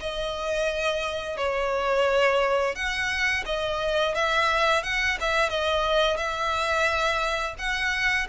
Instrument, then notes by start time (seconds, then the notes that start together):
violin
0.00 D#5
1.37 C#5
2.75 F#5
3.45 D#5
4.15 E5
4.83 F#5
5.20 E5
5.49 D#5
6.17 E5
7.58 F#5